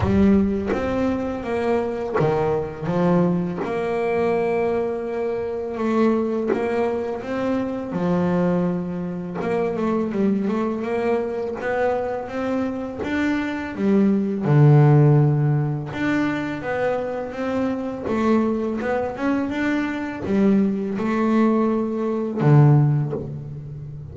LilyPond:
\new Staff \with { instrumentName = "double bass" } { \time 4/4 \tempo 4 = 83 g4 c'4 ais4 dis4 | f4 ais2. | a4 ais4 c'4 f4~ | f4 ais8 a8 g8 a8 ais4 |
b4 c'4 d'4 g4 | d2 d'4 b4 | c'4 a4 b8 cis'8 d'4 | g4 a2 d4 | }